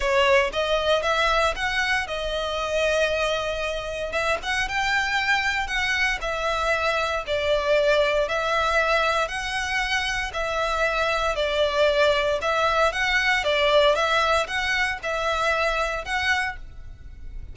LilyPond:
\new Staff \with { instrumentName = "violin" } { \time 4/4 \tempo 4 = 116 cis''4 dis''4 e''4 fis''4 | dis''1 | e''8 fis''8 g''2 fis''4 | e''2 d''2 |
e''2 fis''2 | e''2 d''2 | e''4 fis''4 d''4 e''4 | fis''4 e''2 fis''4 | }